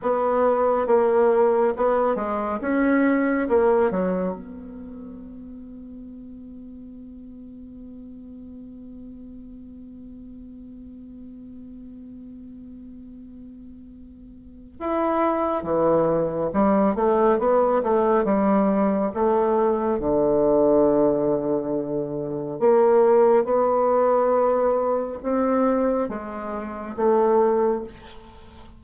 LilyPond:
\new Staff \with { instrumentName = "bassoon" } { \time 4/4 \tempo 4 = 69 b4 ais4 b8 gis8 cis'4 | ais8 fis8 b2.~ | b1~ | b1~ |
b4 e'4 e4 g8 a8 | b8 a8 g4 a4 d4~ | d2 ais4 b4~ | b4 c'4 gis4 a4 | }